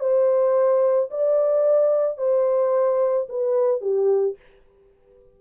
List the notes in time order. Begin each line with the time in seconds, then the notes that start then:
0.00 C5
1.10 D5
2.17 C5
3.29 B4
3.81 G4